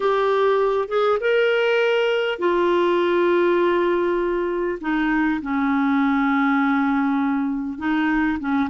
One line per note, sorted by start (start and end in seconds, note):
0.00 0.88 G4
0.88 1.18 G#4
1.20 2.38 A#4
2.38 4.78 F4
4.81 5.41 D#4
5.42 7.78 C#4
7.78 8.38 D#4
8.39 8.69 C#4